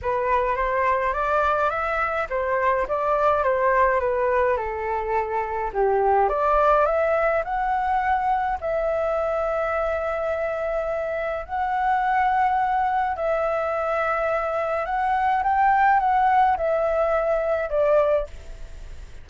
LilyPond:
\new Staff \with { instrumentName = "flute" } { \time 4/4 \tempo 4 = 105 b'4 c''4 d''4 e''4 | c''4 d''4 c''4 b'4 | a'2 g'4 d''4 | e''4 fis''2 e''4~ |
e''1 | fis''2. e''4~ | e''2 fis''4 g''4 | fis''4 e''2 d''4 | }